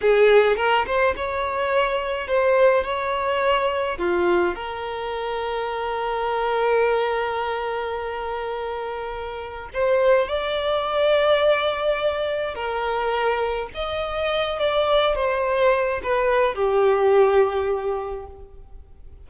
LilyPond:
\new Staff \with { instrumentName = "violin" } { \time 4/4 \tempo 4 = 105 gis'4 ais'8 c''8 cis''2 | c''4 cis''2 f'4 | ais'1~ | ais'1~ |
ais'4 c''4 d''2~ | d''2 ais'2 | dis''4. d''4 c''4. | b'4 g'2. | }